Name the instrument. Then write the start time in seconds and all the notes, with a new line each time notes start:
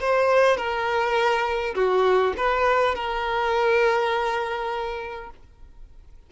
violin
0.00 C5
0.57 A#4
1.75 F#4
2.37 B4
2.95 A#4